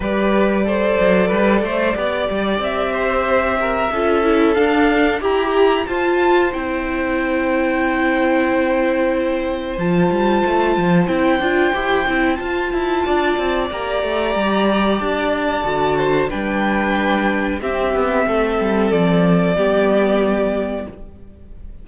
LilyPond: <<
  \new Staff \with { instrumentName = "violin" } { \time 4/4 \tempo 4 = 92 d''1 | e''2. f''4 | ais''4 a''4 g''2~ | g''2. a''4~ |
a''4 g''2 a''4~ | a''4 ais''2 a''4~ | a''4 g''2 e''4~ | e''4 d''2. | }
  \new Staff \with { instrumentName = "violin" } { \time 4/4 b'4 c''4 b'8 c''8 d''4~ | d''8 c''4 ais'8 a'2 | g'4 c''2.~ | c''1~ |
c''1 | d''1~ | d''8 c''8 b'2 g'4 | a'2 g'2 | }
  \new Staff \with { instrumentName = "viola" } { \time 4/4 g'4 a'2 g'4~ | g'2 f'8 e'8 d'4 | g'4 f'4 e'2~ | e'2. f'4~ |
f'4 e'8 f'8 g'8 e'8 f'4~ | f'4 g'2. | fis'4 d'2 c'4~ | c'2 b2 | }
  \new Staff \with { instrumentName = "cello" } { \time 4/4 g4. fis8 g8 a8 b8 g8 | c'2 cis'4 d'4 | e'4 f'4 c'2~ | c'2. f8 g8 |
a8 f8 c'8 d'8 e'8 c'8 f'8 e'8 | d'8 c'8 ais8 a8 g4 d'4 | d4 g2 c'8 b8 | a8 g8 f4 g2 | }
>>